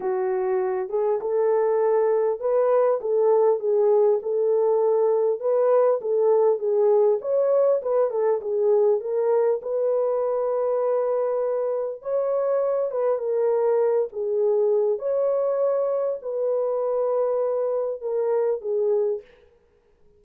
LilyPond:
\new Staff \with { instrumentName = "horn" } { \time 4/4 \tempo 4 = 100 fis'4. gis'8 a'2 | b'4 a'4 gis'4 a'4~ | a'4 b'4 a'4 gis'4 | cis''4 b'8 a'8 gis'4 ais'4 |
b'1 | cis''4. b'8 ais'4. gis'8~ | gis'4 cis''2 b'4~ | b'2 ais'4 gis'4 | }